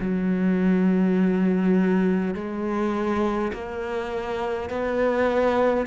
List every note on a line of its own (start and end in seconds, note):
0.00 2.34 F#3
2.34 3.52 G#3
3.52 4.70 A#3
4.70 5.86 B3